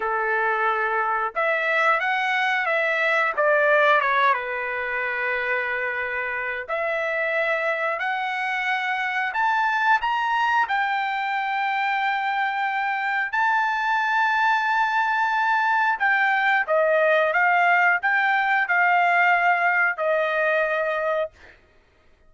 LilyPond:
\new Staff \with { instrumentName = "trumpet" } { \time 4/4 \tempo 4 = 90 a'2 e''4 fis''4 | e''4 d''4 cis''8 b'4.~ | b'2 e''2 | fis''2 a''4 ais''4 |
g''1 | a''1 | g''4 dis''4 f''4 g''4 | f''2 dis''2 | }